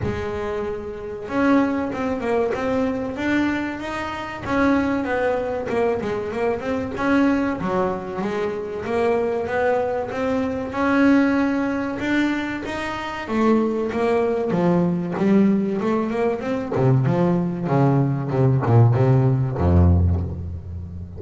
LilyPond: \new Staff \with { instrumentName = "double bass" } { \time 4/4 \tempo 4 = 95 gis2 cis'4 c'8 ais8 | c'4 d'4 dis'4 cis'4 | b4 ais8 gis8 ais8 c'8 cis'4 | fis4 gis4 ais4 b4 |
c'4 cis'2 d'4 | dis'4 a4 ais4 f4 | g4 a8 ais8 c'8 c8 f4 | cis4 c8 ais,8 c4 f,4 | }